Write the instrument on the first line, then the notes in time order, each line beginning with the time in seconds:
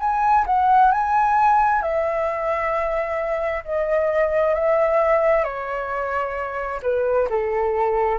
flute
0.00 G#5
0.47 F#5
0.92 G#5
1.82 E5
3.64 D#5
4.55 E5
5.44 C#5
6.83 B4
7.30 A4